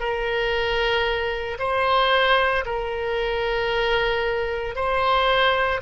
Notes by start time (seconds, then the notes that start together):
0.00 A#4
1.59 C5
2.66 A#4
4.76 C5